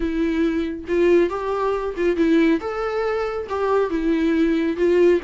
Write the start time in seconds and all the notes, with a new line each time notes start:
0.00 E4
0.88 F4
1.29 G4
1.96 F4
2.16 E4
2.60 A4
3.49 G4
3.90 E4
4.76 F4